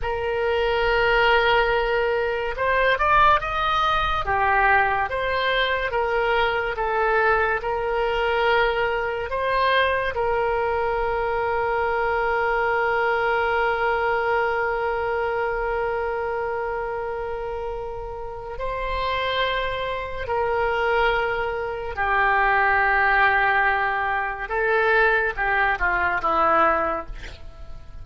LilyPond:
\new Staff \with { instrumentName = "oboe" } { \time 4/4 \tempo 4 = 71 ais'2. c''8 d''8 | dis''4 g'4 c''4 ais'4 | a'4 ais'2 c''4 | ais'1~ |
ais'1~ | ais'2 c''2 | ais'2 g'2~ | g'4 a'4 g'8 f'8 e'4 | }